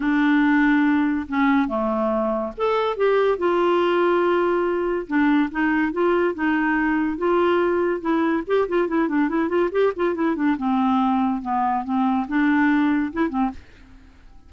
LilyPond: \new Staff \with { instrumentName = "clarinet" } { \time 4/4 \tempo 4 = 142 d'2. cis'4 | a2 a'4 g'4 | f'1 | d'4 dis'4 f'4 dis'4~ |
dis'4 f'2 e'4 | g'8 f'8 e'8 d'8 e'8 f'8 g'8 f'8 | e'8 d'8 c'2 b4 | c'4 d'2 e'8 c'8 | }